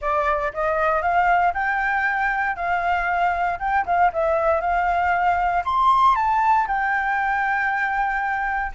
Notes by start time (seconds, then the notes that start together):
0.01 D5
0.53 D#5
1.02 F5
1.53 G5
2.56 F5
3.59 G5
3.86 F5
4.12 E5
4.61 F5
5.64 C6
6.15 A5
6.67 G5